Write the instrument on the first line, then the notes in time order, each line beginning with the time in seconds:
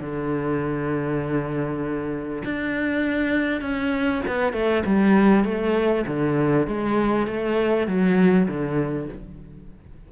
cello
0.00 D3
2.44 D4
3.61 C#4
4.27 B3
4.52 A3
4.85 G3
5.44 A3
6.06 D3
6.67 G#3
7.26 A3
7.87 F#3
8.47 D3